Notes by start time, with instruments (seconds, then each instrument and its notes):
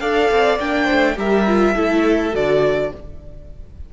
0.00 cello D4, viola A4, violin D5 F5
0.31 cello C4
0.59 cello A#3, viola D4, violin G5
0.84 violin C5
0.92 cello A3
1.16 cello G3, viola G4, violin A#4 E5
1.47 viola F4
1.74 cello A3, viola E4, violin A4
2.32 cello D3, viola F#4, violin D5